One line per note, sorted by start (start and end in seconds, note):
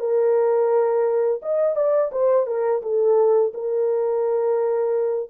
0.00 1.41 A#4
1.42 1.76 D#5
1.76 2.11 D5
2.12 2.47 C5
2.47 2.82 A#4
2.82 3.53 A4
3.54 5.30 A#4